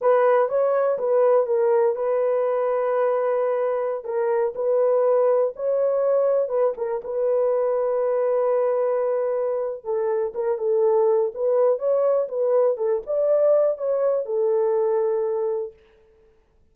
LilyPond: \new Staff \with { instrumentName = "horn" } { \time 4/4 \tempo 4 = 122 b'4 cis''4 b'4 ais'4 | b'1~ | b'16 ais'4 b'2 cis''8.~ | cis''4~ cis''16 b'8 ais'8 b'4.~ b'16~ |
b'1 | a'4 ais'8 a'4. b'4 | cis''4 b'4 a'8 d''4. | cis''4 a'2. | }